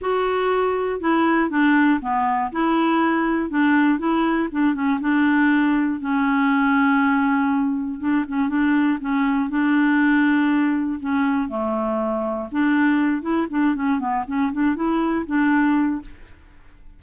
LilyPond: \new Staff \with { instrumentName = "clarinet" } { \time 4/4 \tempo 4 = 120 fis'2 e'4 d'4 | b4 e'2 d'4 | e'4 d'8 cis'8 d'2 | cis'1 |
d'8 cis'8 d'4 cis'4 d'4~ | d'2 cis'4 a4~ | a4 d'4. e'8 d'8 cis'8 | b8 cis'8 d'8 e'4 d'4. | }